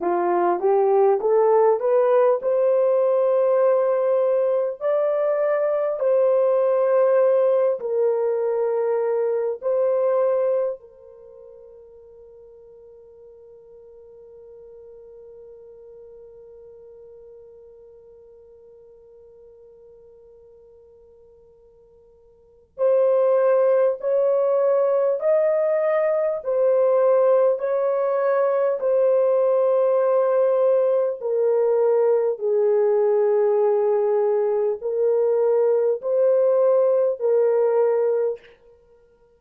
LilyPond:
\new Staff \with { instrumentName = "horn" } { \time 4/4 \tempo 4 = 50 f'8 g'8 a'8 b'8 c''2 | d''4 c''4. ais'4. | c''4 ais'2.~ | ais'1~ |
ais'2. c''4 | cis''4 dis''4 c''4 cis''4 | c''2 ais'4 gis'4~ | gis'4 ais'4 c''4 ais'4 | }